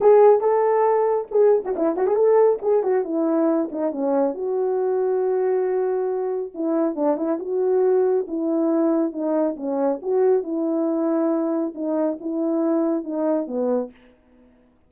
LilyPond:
\new Staff \with { instrumentName = "horn" } { \time 4/4 \tempo 4 = 138 gis'4 a'2 gis'8. fis'16 | e'8 fis'16 gis'16 a'4 gis'8 fis'8 e'4~ | e'8 dis'8 cis'4 fis'2~ | fis'2. e'4 |
d'8 e'8 fis'2 e'4~ | e'4 dis'4 cis'4 fis'4 | e'2. dis'4 | e'2 dis'4 b4 | }